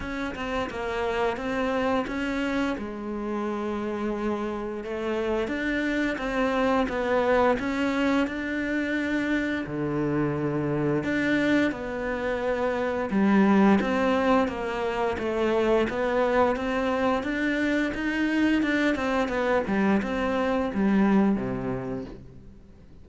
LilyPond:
\new Staff \with { instrumentName = "cello" } { \time 4/4 \tempo 4 = 87 cis'8 c'8 ais4 c'4 cis'4 | gis2. a4 | d'4 c'4 b4 cis'4 | d'2 d2 |
d'4 b2 g4 | c'4 ais4 a4 b4 | c'4 d'4 dis'4 d'8 c'8 | b8 g8 c'4 g4 c4 | }